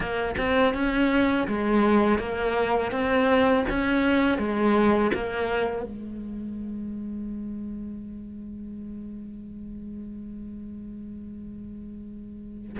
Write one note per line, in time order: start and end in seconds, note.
0.00 0.35 A#3
0.37 0.74 C4
0.74 1.47 C#4
1.47 2.19 G#3
2.19 2.91 A#3
2.91 3.65 C4
3.69 4.38 C#4
4.38 5.11 G#3
5.14 5.82 A#3
5.82 12.77 G#3